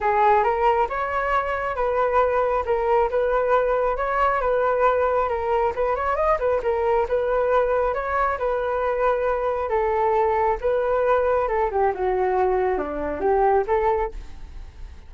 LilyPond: \new Staff \with { instrumentName = "flute" } { \time 4/4 \tempo 4 = 136 gis'4 ais'4 cis''2 | b'2 ais'4 b'4~ | b'4 cis''4 b'2 | ais'4 b'8 cis''8 dis''8 b'8 ais'4 |
b'2 cis''4 b'4~ | b'2 a'2 | b'2 a'8 g'8 fis'4~ | fis'4 d'4 g'4 a'4 | }